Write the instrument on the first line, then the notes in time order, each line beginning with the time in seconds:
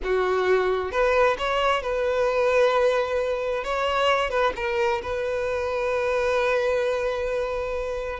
violin
0.03 F#4
0.91 B4
1.38 C#5
1.82 B4
3.64 C#5
4.30 B4
4.56 A#4
5.02 B4